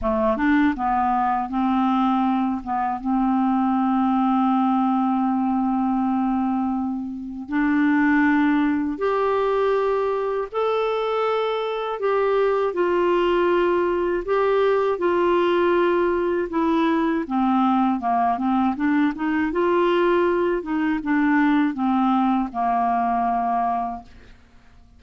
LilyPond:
\new Staff \with { instrumentName = "clarinet" } { \time 4/4 \tempo 4 = 80 a8 d'8 b4 c'4. b8 | c'1~ | c'2 d'2 | g'2 a'2 |
g'4 f'2 g'4 | f'2 e'4 c'4 | ais8 c'8 d'8 dis'8 f'4. dis'8 | d'4 c'4 ais2 | }